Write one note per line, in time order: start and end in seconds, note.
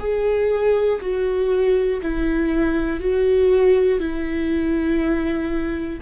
0.00 1.00 G#4
1.01 2.01 F#4
2.02 3.01 E4
3.01 4.00 F#4
4.00 6.00 E4